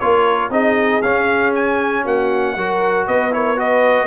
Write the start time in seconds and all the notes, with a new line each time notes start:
0.00 A#3 F4 A#4 C#5
0.50 C4 D#4 G#4 D#5
1.02 C#4 F5
1.55 G#5
2.04 A#3 F#4 F#5
2.56 F#3 F#4 A#4
3.08 B3 B4 D#5
3.32 E4 A#4 C#5
3.57 F#4 B4 D#5